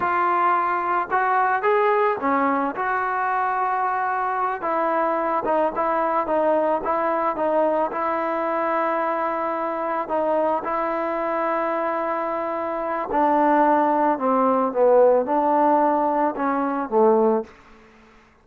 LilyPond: \new Staff \with { instrumentName = "trombone" } { \time 4/4 \tempo 4 = 110 f'2 fis'4 gis'4 | cis'4 fis'2.~ | fis'8 e'4. dis'8 e'4 dis'8~ | dis'8 e'4 dis'4 e'4.~ |
e'2~ e'8 dis'4 e'8~ | e'1 | d'2 c'4 b4 | d'2 cis'4 a4 | }